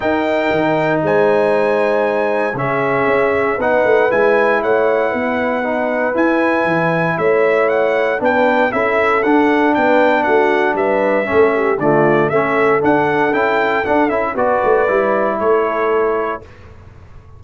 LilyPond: <<
  \new Staff \with { instrumentName = "trumpet" } { \time 4/4 \tempo 4 = 117 g''2 gis''2~ | gis''4 e''2 fis''4 | gis''4 fis''2. | gis''2 e''4 fis''4 |
g''4 e''4 fis''4 g''4 | fis''4 e''2 d''4 | e''4 fis''4 g''4 fis''8 e''8 | d''2 cis''2 | }
  \new Staff \with { instrumentName = "horn" } { \time 4/4 ais'2 c''2~ | c''4 gis'2 b'4~ | b'4 cis''4 b'2~ | b'2 cis''2 |
b'4 a'2 b'4 | fis'4 b'4 a'8 g'8 f'4 | a'1 | b'2 a'2 | }
  \new Staff \with { instrumentName = "trombone" } { \time 4/4 dis'1~ | dis'4 cis'2 dis'4 | e'2. dis'4 | e'1 |
d'4 e'4 d'2~ | d'2 cis'4 a4 | cis'4 d'4 e'4 d'8 e'8 | fis'4 e'2. | }
  \new Staff \with { instrumentName = "tuba" } { \time 4/4 dis'4 dis4 gis2~ | gis4 cis4 cis'4 b8 a8 | gis4 a4 b2 | e'4 e4 a2 |
b4 cis'4 d'4 b4 | a4 g4 a4 d4 | a4 d'4 cis'4 d'8 cis'8 | b8 a8 g4 a2 | }
>>